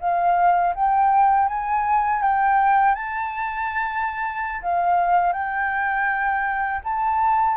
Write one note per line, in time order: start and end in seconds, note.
0.00 0.74 F5
0.75 1.48 G5
1.48 2.22 G#5
2.22 2.95 G5
2.95 4.62 A5
4.62 5.33 F5
5.33 6.81 G5
6.84 7.57 A5